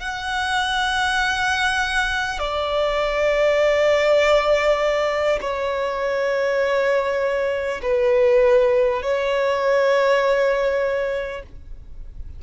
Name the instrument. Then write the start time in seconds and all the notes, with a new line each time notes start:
violin
0.00 F#5
2.39 D5
5.42 C#5
7.83 B4
9.03 C#5